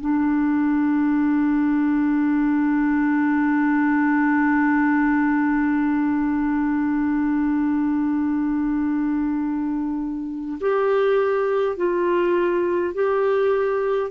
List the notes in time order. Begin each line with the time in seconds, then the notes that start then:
0.00 D4
10.60 G4
11.76 F4
12.94 G4